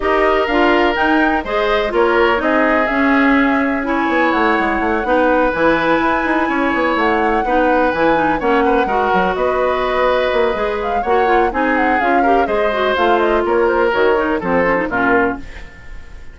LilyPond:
<<
  \new Staff \with { instrumentName = "flute" } { \time 4/4 \tempo 4 = 125 dis''4 f''4 g''4 dis''4 | cis''4 dis''4 e''2 | gis''4 fis''2~ fis''8 gis''8~ | gis''2~ gis''8 fis''4.~ |
fis''8 gis''4 fis''2 dis''8~ | dis''2~ dis''8 f''8 fis''4 | gis''8 fis''8 f''4 dis''4 f''8 dis''8 | cis''8 c''8 cis''4 c''4 ais'4 | }
  \new Staff \with { instrumentName = "oboe" } { \time 4/4 ais'2. c''4 | ais'4 gis'2. | cis''2~ cis''8 b'4.~ | b'4. cis''2 b'8~ |
b'4. cis''8 b'8 ais'4 b'8~ | b'2. cis''4 | gis'4. ais'8 c''2 | ais'2 a'4 f'4 | }
  \new Staff \with { instrumentName = "clarinet" } { \time 4/4 g'4 f'4 dis'4 gis'4 | f'4 dis'4 cis'2 | e'2~ e'8 dis'4 e'8~ | e'2.~ e'8 dis'8~ |
dis'8 e'8 dis'8 cis'4 fis'4.~ | fis'2 gis'4 fis'8 f'8 | dis'4 f'8 g'8 gis'8 fis'8 f'4~ | f'4 fis'8 dis'8 c'8 cis'16 dis'16 cis'4 | }
  \new Staff \with { instrumentName = "bassoon" } { \time 4/4 dis'4 d'4 dis'4 gis4 | ais4 c'4 cis'2~ | cis'8 b8 a8 gis8 a8 b4 e8~ | e8 e'8 dis'8 cis'8 b8 a4 b8~ |
b8 e4 ais4 gis8 fis8 b8~ | b4. ais8 gis4 ais4 | c'4 cis'4 gis4 a4 | ais4 dis4 f4 ais,4 | }
>>